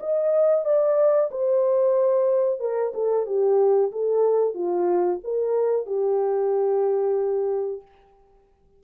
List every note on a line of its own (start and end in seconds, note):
0.00 0.65 D#5
0.65 1.30 D5
1.31 2.60 C5
2.60 2.93 A#4
2.94 3.26 A4
3.26 3.92 G4
3.92 4.54 A4
4.54 5.20 F4
5.24 5.86 A#4
5.86 7.82 G4